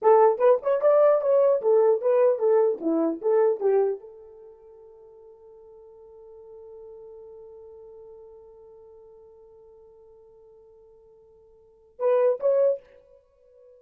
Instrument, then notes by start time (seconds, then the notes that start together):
horn
0.01 A4
0.38 B4
0.62 C#5
0.81 D5
1.21 C#5
1.61 A4
2.01 B4
2.38 A4
2.80 E4
3.21 A4
3.59 G4
4.00 A4
11.99 B4
12.39 C#5